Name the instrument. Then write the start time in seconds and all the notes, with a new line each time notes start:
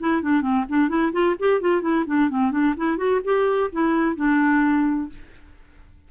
clarinet
0.00 E4
0.22 D4
0.41 C4
0.69 D4
0.89 E4
1.12 F4
1.39 G4
1.61 F4
1.82 E4
2.07 D4
2.30 C4
2.51 D4
2.77 E4
2.97 F#4
3.24 G4
3.72 E4
4.16 D4